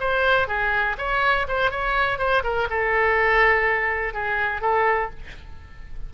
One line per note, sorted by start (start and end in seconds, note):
0.00 0.48 C5
0.48 0.96 G#4
0.98 1.47 C#5
1.48 1.71 C5
1.71 2.19 C#5
2.19 2.43 C5
2.44 2.68 A#4
2.70 4.14 A4
4.14 4.61 G#4
4.61 5.10 A4